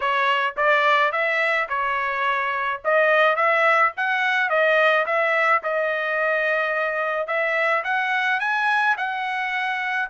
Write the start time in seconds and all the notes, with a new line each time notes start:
0.00 C#5
0.56 D5
1.11 E5
1.68 C#5
2.84 D#5
3.35 E5
3.96 F#5
4.49 D#5
5.05 E5
5.63 D#5
7.27 E5
7.84 F#5
8.40 G#5
8.97 F#5